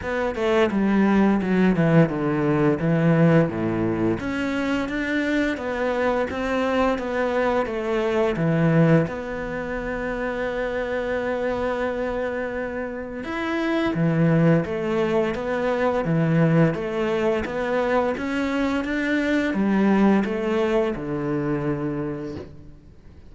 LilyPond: \new Staff \with { instrumentName = "cello" } { \time 4/4 \tempo 4 = 86 b8 a8 g4 fis8 e8 d4 | e4 a,4 cis'4 d'4 | b4 c'4 b4 a4 | e4 b2.~ |
b2. e'4 | e4 a4 b4 e4 | a4 b4 cis'4 d'4 | g4 a4 d2 | }